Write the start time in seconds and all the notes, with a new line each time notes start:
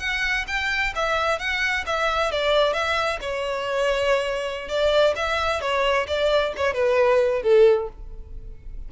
0.00 F#5
0.48 G5
0.96 E5
1.39 F#5
1.87 E5
2.32 D5
2.74 E5
3.21 C#5
4.69 D5
5.16 E5
5.61 C#5
6.08 D5
6.57 C#5
6.75 B4
7.43 A4